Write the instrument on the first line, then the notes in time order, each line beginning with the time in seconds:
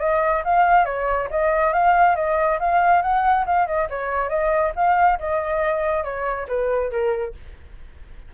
flute
0.00 D#5
0.45 F5
0.85 C#5
1.30 D#5
1.73 F5
2.16 D#5
2.60 F5
3.02 F#5
3.46 F5
3.67 D#5
3.90 C#5
4.29 D#5
4.76 F5
5.19 D#5
6.04 C#5
6.48 B4
6.91 A#4